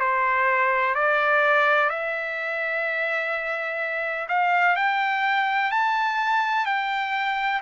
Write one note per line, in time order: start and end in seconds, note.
0.00 0.95 C5
0.95 1.90 D5
1.90 4.28 E5
4.29 4.76 F5
4.76 5.71 G5
5.71 6.66 A5
6.66 7.61 G5